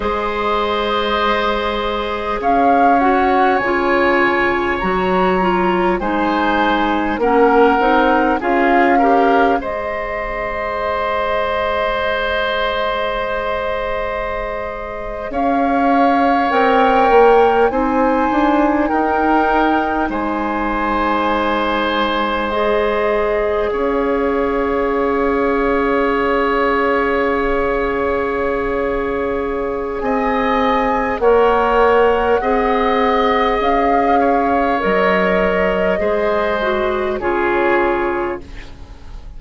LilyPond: <<
  \new Staff \with { instrumentName = "flute" } { \time 4/4 \tempo 4 = 50 dis''2 f''8 fis''8 gis''4 | ais''4 gis''4 fis''4 f''4 | dis''1~ | dis''8. f''4 g''4 gis''4 g''16~ |
g''8. gis''2 dis''4 f''16~ | f''1~ | f''4 gis''4 fis''2 | f''4 dis''2 cis''4 | }
  \new Staff \with { instrumentName = "oboe" } { \time 4/4 c''2 cis''2~ | cis''4 c''4 ais'4 gis'8 ais'8 | c''1~ | c''8. cis''2 c''4 ais'16~ |
ais'8. c''2. cis''16~ | cis''1~ | cis''4 dis''4 cis''4 dis''4~ | dis''8 cis''4. c''4 gis'4 | }
  \new Staff \with { instrumentName = "clarinet" } { \time 4/4 gis'2~ gis'8 fis'8 f'4 | fis'8 f'8 dis'4 cis'8 dis'8 f'8 g'8 | gis'1~ | gis'4.~ gis'16 ais'4 dis'4~ dis'16~ |
dis'2~ dis'8. gis'4~ gis'16~ | gis'1~ | gis'2 ais'4 gis'4~ | gis'4 ais'4 gis'8 fis'8 f'4 | }
  \new Staff \with { instrumentName = "bassoon" } { \time 4/4 gis2 cis'4 cis4 | fis4 gis4 ais8 c'8 cis'4 | gis1~ | gis8. cis'4 c'8 ais8 c'8 d'8 dis'16~ |
dis'8. gis2. cis'16~ | cis'1~ | cis'4 c'4 ais4 c'4 | cis'4 fis4 gis4 cis4 | }
>>